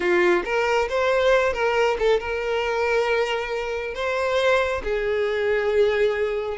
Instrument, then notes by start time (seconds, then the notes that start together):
violin
0.00 F4
0.44 A#4
0.89 C5
1.53 A#4
1.98 A4
2.20 A#4
3.94 C5
4.83 G#4